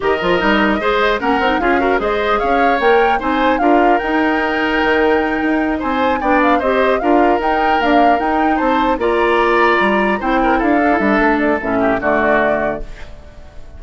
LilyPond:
<<
  \new Staff \with { instrumentName = "flute" } { \time 4/4 \tempo 4 = 150 dis''2. fis''4 | f''4 dis''4 f''4 g''4 | gis''4 f''4 g''2~ | g''2~ g''8 gis''4 g''8 |
f''8 dis''4 f''4 g''4 f''8~ | f''8 g''4 a''4 ais''4.~ | ais''4. g''4 f''4 e''8~ | e''8 d''8 e''4 d''2 | }
  \new Staff \with { instrumentName = "oboe" } { \time 4/4 ais'2 c''4 ais'4 | gis'8 ais'8 c''4 cis''2 | c''4 ais'2.~ | ais'2~ ais'8 c''4 d''8~ |
d''8 c''4 ais'2~ ais'8~ | ais'4. c''4 d''4.~ | d''4. c''8 ais'8 a'4.~ | a'4. g'8 fis'2 | }
  \new Staff \with { instrumentName = "clarinet" } { \time 4/4 g'8 f'8 dis'4 gis'4 cis'8 dis'8 | f'8 fis'8 gis'2 ais'4 | dis'4 f'4 dis'2~ | dis'2.~ dis'8 d'8~ |
d'8 g'4 f'4 dis'4 ais8~ | ais8 dis'2 f'4.~ | f'4. e'4. d'16 e'16 d'8~ | d'4 cis'4 a2 | }
  \new Staff \with { instrumentName = "bassoon" } { \time 4/4 dis8 f8 g4 gis4 ais8 c'8 | cis'4 gis4 cis'4 ais4 | c'4 d'4 dis'2 | dis4. dis'4 c'4 b8~ |
b8 c'4 d'4 dis'4 d'8~ | d'8 dis'4 c'4 ais4.~ | ais8 g4 c'4 d'4 g8 | a4 a,4 d2 | }
>>